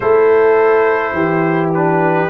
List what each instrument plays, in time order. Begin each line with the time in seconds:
0.00 tuba A3, trombone E4, horn A4, trumpet C5
1.12 tuba E3, horn G4
1.74 trombone D4, trumpet B4